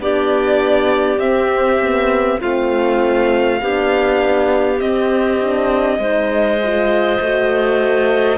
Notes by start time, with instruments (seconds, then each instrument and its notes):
0.00 cello B3, horn D4, clarinet G4, violin D5
1.19 cello C4, horn C4, violin E5
1.81 horn B3
2.40 cello A3, horn C4, clarinet F4, violin F5
3.61 cello B3, horn D4, clarinet G4
4.79 horn C4, cello C4, violin D#5
5.41 horn D4
5.99 cello G#3, horn D#4, clarinet C5
6.63 horn F4
7.21 cello A3, horn F#4